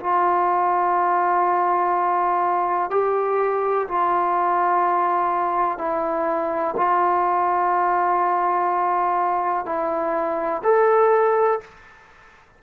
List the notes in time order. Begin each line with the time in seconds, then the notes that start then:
0.00 F4
2.90 G4
3.88 F4
5.78 E4
6.77 F4
9.66 E4
10.64 A4